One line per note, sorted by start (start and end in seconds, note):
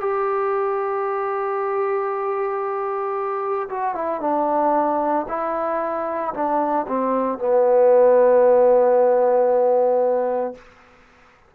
0.00 3.68 G4
3.69 3.94 F#4
3.94 4.21 E4
4.21 5.26 D4
5.28 6.33 E4
6.33 6.86 D4
6.88 7.38 C4
7.38 10.54 B3